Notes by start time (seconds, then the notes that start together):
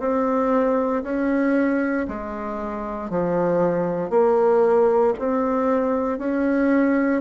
0.00 C4
1.03 C#4
2.09 G#3
3.10 F3
4.11 A#3
5.19 C4
6.19 C#4